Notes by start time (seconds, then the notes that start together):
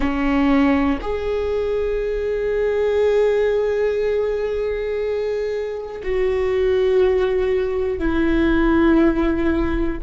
0.00 C#4
1.01 G#4
6.03 F#4
7.98 E4